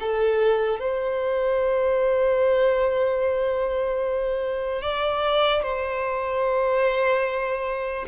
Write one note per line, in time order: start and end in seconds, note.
0.00 0.80 A4
0.80 4.82 C5
4.82 5.62 D5
5.62 8.06 C5